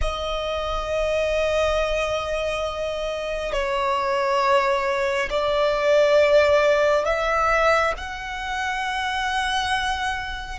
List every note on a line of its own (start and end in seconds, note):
0.01 3.52 D#5
3.52 5.29 C#5
5.29 7.05 D5
7.05 7.93 E5
7.97 10.58 F#5